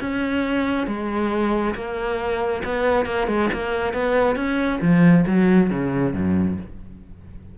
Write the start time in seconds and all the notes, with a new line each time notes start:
0.00 C#4
0.87 G#3
1.75 A#3
2.65 B3
3.06 A#3
3.27 G#3
3.53 A#3
3.94 B3
4.36 C#4
4.82 F3
5.27 F#3
5.70 C#3
6.14 F#2